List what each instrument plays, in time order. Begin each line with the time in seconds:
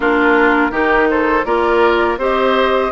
0.00 bassoon A#3, clarinet D4, oboe F4, flute A#4
0.71 bassoon D#3, clarinet D#4, oboe G4
1.09 oboe A4, flute C5
1.44 bassoon A#3, clarinet F4, oboe A#4, flute D5
2.17 bassoon C4, clarinet G4, oboe C5, flute D#5